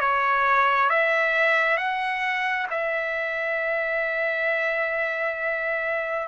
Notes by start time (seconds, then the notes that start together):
0.00 C#5
0.90 E5
1.77 F#5
2.70 E5